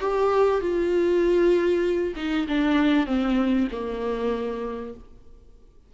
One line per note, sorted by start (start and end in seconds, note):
0.00 0.61 G4
0.61 2.14 F4
2.16 2.46 D#4
2.48 3.06 D4
3.06 3.67 C4
3.71 4.93 A#3